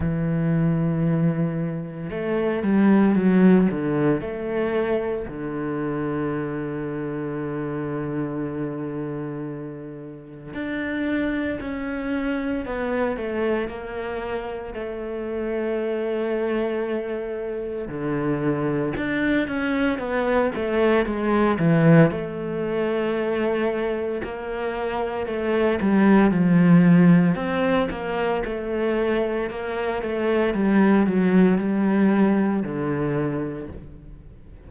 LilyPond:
\new Staff \with { instrumentName = "cello" } { \time 4/4 \tempo 4 = 57 e2 a8 g8 fis8 d8 | a4 d2.~ | d2 d'4 cis'4 | b8 a8 ais4 a2~ |
a4 d4 d'8 cis'8 b8 a8 | gis8 e8 a2 ais4 | a8 g8 f4 c'8 ais8 a4 | ais8 a8 g8 fis8 g4 d4 | }